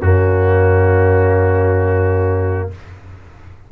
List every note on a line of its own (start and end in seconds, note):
0.00 2.70 F#2
0.00 2.72 A#3
0.00 2.69 C#4
0.00 2.71 F#4